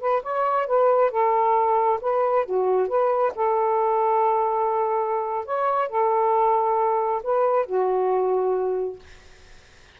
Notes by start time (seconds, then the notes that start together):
0.00 B4
0.22 C#5
0.66 B4
1.11 A4
2.01 B4
2.45 F#4
2.88 B4
3.35 A4
5.45 C#5
5.88 A4
7.23 B4
7.66 F#4